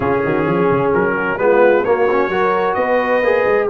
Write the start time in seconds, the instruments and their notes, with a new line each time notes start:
0.00 tuba C#3, trombone C#4, horn F4, trumpet G#4
0.24 tuba D#3, horn F#4
0.45 tuba F3, horn G#4
0.70 tuba C#3
0.93 tuba F#3, trumpet A#4
1.16 horn F#4
1.37 tuba G#3, trombone B3, horn F4, trumpet B4
1.84 trombone A#3, tuba A#3, horn F#4, trumpet C#5
2.10 trombone C#4
2.29 tuba F#3, trombone F#4, horn A#4
2.73 tuba B3, horn B4, trumpet D#5
3.21 tuba A#3, trombone G#4
3.45 tuba G#3